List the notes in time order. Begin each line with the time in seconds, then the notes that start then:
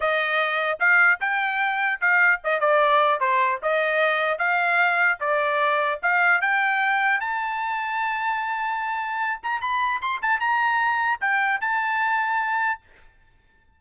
0.00 D#5
0.79 F5
1.20 G5
2.01 F5
2.43 D#5
2.59 D5
3.20 C5
3.62 D#5
4.38 F5
5.20 D5
6.02 F5
6.41 G5
7.20 A5
9.42 A#5
9.61 B5
10.01 C6
10.21 A5
10.40 A#5
11.20 G5
11.61 A5